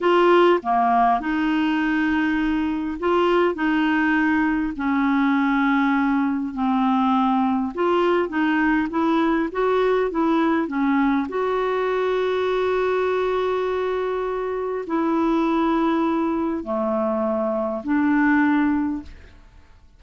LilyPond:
\new Staff \with { instrumentName = "clarinet" } { \time 4/4 \tempo 4 = 101 f'4 ais4 dis'2~ | dis'4 f'4 dis'2 | cis'2. c'4~ | c'4 f'4 dis'4 e'4 |
fis'4 e'4 cis'4 fis'4~ | fis'1~ | fis'4 e'2. | a2 d'2 | }